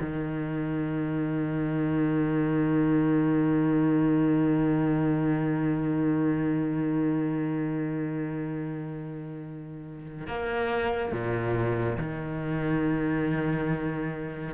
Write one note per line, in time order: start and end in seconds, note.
0.00 10.27 D#3
10.27 11.12 A#3
11.12 11.97 A#2
11.98 14.54 D#3